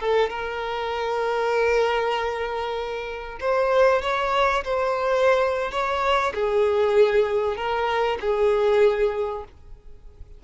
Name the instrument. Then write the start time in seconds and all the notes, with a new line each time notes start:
violin
0.00 A4
0.30 A#4
3.40 C5
4.02 C#5
4.64 C5
5.71 C#5
6.34 G#4
7.56 A#4
8.20 G#4